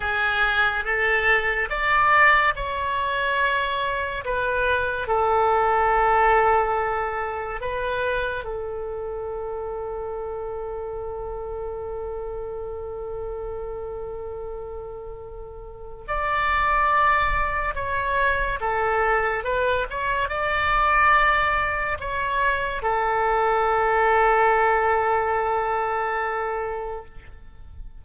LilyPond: \new Staff \with { instrumentName = "oboe" } { \time 4/4 \tempo 4 = 71 gis'4 a'4 d''4 cis''4~ | cis''4 b'4 a'2~ | a'4 b'4 a'2~ | a'1~ |
a'2. d''4~ | d''4 cis''4 a'4 b'8 cis''8 | d''2 cis''4 a'4~ | a'1 | }